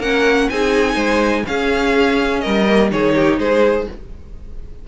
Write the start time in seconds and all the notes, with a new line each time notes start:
0.00 A#3 C#4 A#4 F#5
0.50 C4 D#4 G#4 G#5
0.95 G#3 C5
1.45 C#4 G#4 F5
2.41 G3 A#4 D#5
2.68 A#3
2.91 D#3 D#4 G#4 C#5
3.15 G4
3.39 G#3 G#4 C5